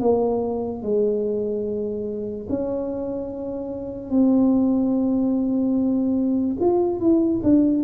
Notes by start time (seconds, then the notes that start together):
0.00 A#3
0.82 G#3
2.49 C#4
4.10 C4
6.60 F4
7.00 E4
7.43 D4